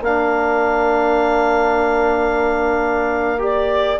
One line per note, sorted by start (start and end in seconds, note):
0.00 3.97 A#3
0.00 3.38 D4
0.00 3.99 A#4
0.00 3.42 F5
3.38 3.97 G4
3.38 3.99 D5